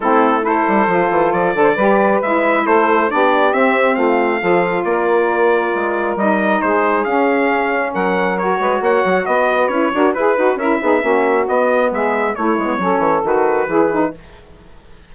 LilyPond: <<
  \new Staff \with { instrumentName = "trumpet" } { \time 4/4 \tempo 4 = 136 a'4 c''2 d''4~ | d''4 e''4 c''4 d''4 | e''4 f''2 d''4~ | d''2 dis''4 c''4 |
f''2 fis''4 cis''4 | fis''4 dis''4 cis''4 b'4 | e''2 dis''4 e''4 | cis''2 b'2 | }
  \new Staff \with { instrumentName = "saxophone" } { \time 4/4 e'4 a'2~ a'8 b'16 c''16 | b'2 a'4 g'4~ | g'4 f'4 a'4 ais'4~ | ais'2. gis'4~ |
gis'2 ais'4. b'8 | cis''4 b'4. ais'8 b'4 | ais'8 gis'8 fis'2 gis'4 | e'4 a'2 gis'4 | }
  \new Staff \with { instrumentName = "saxophone" } { \time 4/4 c'4 e'4 f'4. a'8 | g'4 e'2 d'4 | c'2 f'2~ | f'2 dis'2 |
cis'2. fis'4~ | fis'2 e'8 fis'8 gis'8 fis'8 | e'8 dis'8 cis'4 b2 | a8 b8 cis'4 fis'4 e'8 dis'8 | }
  \new Staff \with { instrumentName = "bassoon" } { \time 4/4 a4. g8 f8 e8 f8 d8 | g4 gis4 a4 b4 | c'4 a4 f4 ais4~ | ais4 gis4 g4 gis4 |
cis'2 fis4. gis8 | ais8 fis8 b4 cis'8 d'8 e'8 dis'8 | cis'8 b8 ais4 b4 gis4 | a8 gis8 fis8 e8 dis4 e4 | }
>>